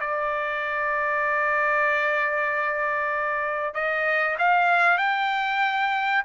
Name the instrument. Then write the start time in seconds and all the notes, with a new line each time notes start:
trumpet
0.00 D5
3.74 D#5
4.39 F5
4.98 G5